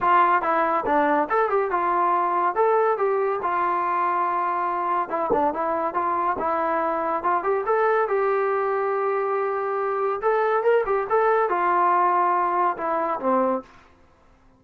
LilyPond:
\new Staff \with { instrumentName = "trombone" } { \time 4/4 \tempo 4 = 141 f'4 e'4 d'4 a'8 g'8 | f'2 a'4 g'4 | f'1 | e'8 d'8 e'4 f'4 e'4~ |
e'4 f'8 g'8 a'4 g'4~ | g'1 | a'4 ais'8 g'8 a'4 f'4~ | f'2 e'4 c'4 | }